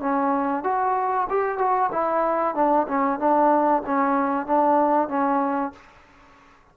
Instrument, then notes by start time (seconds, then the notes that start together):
trombone
0.00 C#4
0.64 F#4
1.30 G4
1.58 F#4
1.92 E4
2.55 D4
2.88 C#4
3.19 D4
3.86 C#4
4.47 D4
5.09 C#4